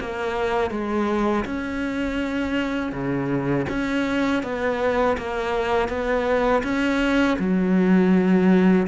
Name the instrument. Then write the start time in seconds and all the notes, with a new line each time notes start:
cello
0.00 A#3
0.71 G#3
1.45 C#4
2.92 C#3
3.69 C#4
4.43 B3
5.18 A#3
5.89 B3
6.63 C#4
7.39 F#3